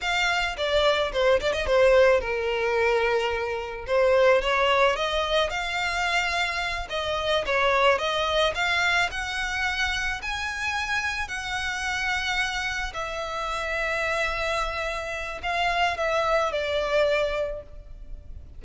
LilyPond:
\new Staff \with { instrumentName = "violin" } { \time 4/4 \tempo 4 = 109 f''4 d''4 c''8 d''16 dis''16 c''4 | ais'2. c''4 | cis''4 dis''4 f''2~ | f''8 dis''4 cis''4 dis''4 f''8~ |
f''8 fis''2 gis''4.~ | gis''8 fis''2. e''8~ | e''1 | f''4 e''4 d''2 | }